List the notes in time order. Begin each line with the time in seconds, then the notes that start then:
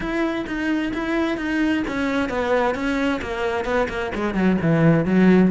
0.00 E4
0.46 D#4
0.93 E4
1.37 D#4
1.87 C#4
2.29 B3
2.74 C#4
3.21 A#3
3.64 B3
3.88 A#3
4.15 G#3
4.34 F#3
4.61 E3
5.05 F#3